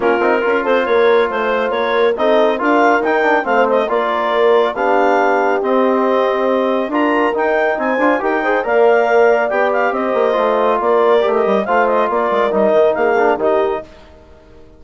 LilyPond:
<<
  \new Staff \with { instrumentName = "clarinet" } { \time 4/4 \tempo 4 = 139 ais'4. c''8 cis''4 c''4 | cis''4 dis''4 f''4 g''4 | f''8 dis''8 d''2 f''4~ | f''4 dis''2. |
ais''4 g''4 gis''4 g''4 | f''2 g''8 f''8 dis''4~ | dis''4 d''4~ d''16 dis''8. f''8 dis''8 | d''4 dis''4 f''4 dis''4 | }
  \new Staff \with { instrumentName = "horn" } { \time 4/4 f'4 ais'8 a'8 ais'4 c''4 | ais'4 a'4 ais'2 | c''4 ais'2 g'4~ | g'1 |
ais'2 c''4 ais'8 c''8 | d''2. c''4~ | c''4 ais'2 c''4 | ais'2 gis'4 g'4 | }
  \new Staff \with { instrumentName = "trombone" } { \time 4/4 cis'8 dis'8 f'2.~ | f'4 dis'4 f'4 dis'8 d'8 | c'4 f'2 d'4~ | d'4 c'2. |
f'4 dis'4. f'8 g'8 gis'8 | ais'2 g'2 | f'2 g'4 f'4~ | f'4 dis'4. d'8 dis'4 | }
  \new Staff \with { instrumentName = "bassoon" } { \time 4/4 ais8 c'8 cis'8 c'8 ais4 a4 | ais4 c'4 d'4 dis'4 | a4 ais2 b4~ | b4 c'2. |
d'4 dis'4 c'8 d'8 dis'4 | ais2 b4 c'8 ais8 | a4 ais4 a8 g8 a4 | ais8 gis8 g8 dis8 ais4 dis4 | }
>>